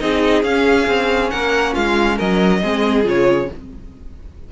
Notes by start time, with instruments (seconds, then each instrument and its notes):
0.00 cello C4, viola D#4, violin G#4 D#5
0.43 cello C#4, viola C#4, violin F5
0.88 cello C4
1.31 cello A#3, violin A#4 F#5
1.73 cello G#3, violin F4 F5
2.16 cello F#3, violin A#4 D#5
2.62 cello G#3, viola C4, violin G#4
3.04 cello C#3, viola F4, violin C#5